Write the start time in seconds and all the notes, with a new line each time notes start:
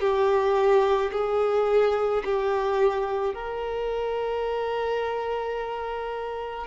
0.00 G4
1.12 G#4
2.25 G4
3.34 A#4